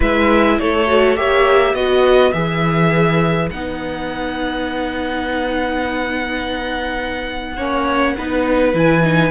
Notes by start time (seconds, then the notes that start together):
0.00 G#3 E4 B4 E5
0.59 A3 A4 C#5
0.86 F#4
1.15 A#3 G4 C#5 E5
1.73 B3 F#4 B4 D#5
2.32 E3 G#4 E5
3.50 B3 D#4 F#5
7.56 A#3 C#4 C#5
8.18 B3 D#4 B4
8.73 E3 E4 G#5
9.03 D#4